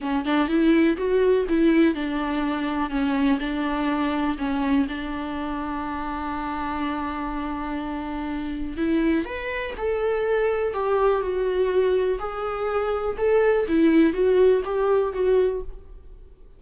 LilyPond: \new Staff \with { instrumentName = "viola" } { \time 4/4 \tempo 4 = 123 cis'8 d'8 e'4 fis'4 e'4 | d'2 cis'4 d'4~ | d'4 cis'4 d'2~ | d'1~ |
d'2 e'4 b'4 | a'2 g'4 fis'4~ | fis'4 gis'2 a'4 | e'4 fis'4 g'4 fis'4 | }